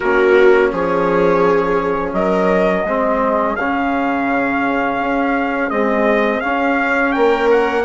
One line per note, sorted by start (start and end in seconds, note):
0.00 0.72 A#3
0.00 2.86 C#4
0.00 0.71 F#4
0.00 0.71 A#4
0.72 2.12 F3
0.72 2.15 G#4
0.72 2.13 C#5
2.12 2.84 F#3
2.12 2.86 A#4
2.12 3.56 D#5
2.84 3.56 G#3
2.84 3.58 C4
2.84 7.15 G#4
3.56 4.99 C#3
3.56 5.70 C#4
3.56 5.69 F5
4.99 5.70 C#4
5.69 6.41 G#3
5.69 6.42 C4
5.69 6.40 D#5
6.40 7.84 C#4
6.40 7.15 C#4
6.40 7.11 F5
7.12 7.84 A#3
7.12 7.84 A#4
7.12 7.47 G5
7.50 7.84 F#5